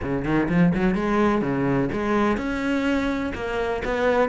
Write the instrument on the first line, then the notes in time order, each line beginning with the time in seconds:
cello
0.02 C#3
0.24 D#3
0.49 F3
0.74 F#3
0.94 G#3
1.41 C#3
1.92 G#3
2.37 C#4
3.34 A#3
3.84 B3